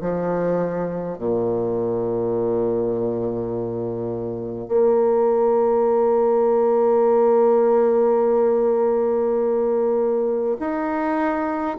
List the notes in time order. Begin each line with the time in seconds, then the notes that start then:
0.00 F3
1.18 A#2
4.68 A#3
10.59 D#4